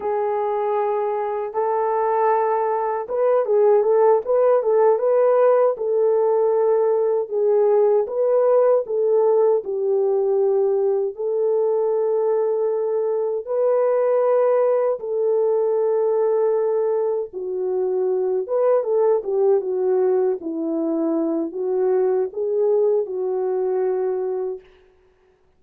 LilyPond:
\new Staff \with { instrumentName = "horn" } { \time 4/4 \tempo 4 = 78 gis'2 a'2 | b'8 gis'8 a'8 b'8 a'8 b'4 a'8~ | a'4. gis'4 b'4 a'8~ | a'8 g'2 a'4.~ |
a'4. b'2 a'8~ | a'2~ a'8 fis'4. | b'8 a'8 g'8 fis'4 e'4. | fis'4 gis'4 fis'2 | }